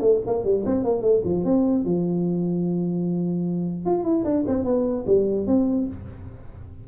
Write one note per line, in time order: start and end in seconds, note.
0.00 0.20 A3
0.26 0.44 A#3
0.44 0.64 G3
0.65 0.84 C4
0.84 1.01 A#3
1.01 1.22 A3
1.24 1.44 F3
1.44 1.85 C4
1.85 3.85 F3
3.85 4.03 F4
4.03 4.24 E4
4.24 4.44 D4
4.47 4.64 C4
4.64 5.04 B3
5.06 5.46 G3
5.47 5.87 C4